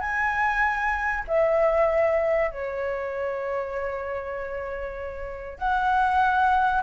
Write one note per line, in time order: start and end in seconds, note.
0.00 1.24 G#5
1.27 2.51 E5
2.51 5.58 C#5
5.58 6.82 F#5